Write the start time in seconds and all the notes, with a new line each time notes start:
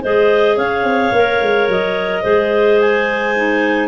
0.00 G#3 G#4 C5 D#5
0.56 C#4 C#5 F5
0.83 C4
1.12 A#3 A#4
1.42 G#3
1.68 F#3 D#5
2.22 G#3 G#4 C5
2.80 G#5
3.35 D#4